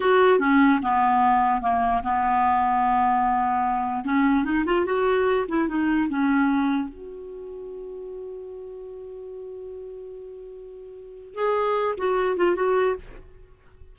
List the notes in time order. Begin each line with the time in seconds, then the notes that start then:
0.00 F#4
0.39 C#4
0.82 B3
1.61 A#3
2.03 B3
4.04 C#4
4.44 D#4
4.65 F4
4.85 F#4
5.48 E4
5.68 D#4
6.08 C#4
6.88 F#4
11.34 G#4
11.97 F#4
12.36 F4
12.55 F#4